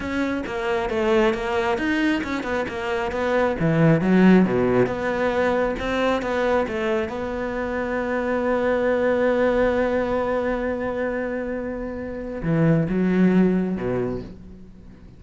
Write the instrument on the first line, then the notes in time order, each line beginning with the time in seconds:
cello
0.00 C#4
0.46 A#3
0.89 A3
1.33 A#3
1.77 D#4
2.23 C#4
2.43 B3
2.68 A#3
3.11 B3
3.59 E3
4.01 F#3
4.45 B2
4.86 B3
5.79 C4
6.22 B3
6.67 A3
7.08 B3
12.42 E3
12.88 F#3
13.76 B2